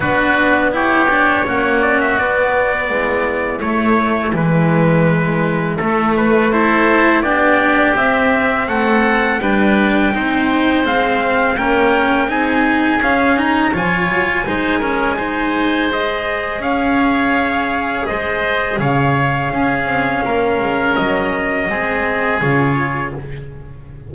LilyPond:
<<
  \new Staff \with { instrumentName = "trumpet" } { \time 4/4 \tempo 4 = 83 b'4 cis''4. d''16 e''16 d''4~ | d''4 cis''4 b'2 | a'8 b'8 c''4 d''4 e''4 | fis''4 g''2 f''4 |
g''4 gis''4 f''8 ais''8 gis''4~ | gis''2 dis''4 f''4~ | f''4 dis''4 f''2~ | f''4 dis''2 cis''4 | }
  \new Staff \with { instrumentName = "oboe" } { \time 4/4 fis'4 g'4 fis'2 | e'1~ | e'4 a'4 g'2 | a'4 b'4 c''2 |
ais'4 gis'2 cis''4 | c''8 ais'8 c''2 cis''4~ | cis''4 c''4 cis''4 gis'4 | ais'2 gis'2 | }
  \new Staff \with { instrumentName = "cello" } { \time 4/4 d'4 e'8 d'8 cis'4 b4~ | b4 a4 gis2 | a4 e'4 d'4 c'4~ | c'4 d'4 dis'4 c'4 |
cis'4 dis'4 cis'8 dis'8 f'4 | dis'8 cis'8 dis'4 gis'2~ | gis'2. cis'4~ | cis'2 c'4 f'4 | }
  \new Staff \with { instrumentName = "double bass" } { \time 4/4 b2 ais4 b4 | gis4 a4 e2 | a2 b4 c'4 | a4 g4 c'4 gis4 |
ais4 c'4 cis'4 f8 fis8 | gis2. cis'4~ | cis'4 gis4 cis4 cis'8 c'8 | ais8 gis8 fis4 gis4 cis4 | }
>>